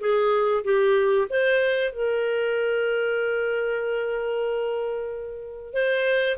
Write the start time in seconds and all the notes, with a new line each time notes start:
0.00 G#4
0.64 G4
1.30 C5
1.92 A#4
5.74 C5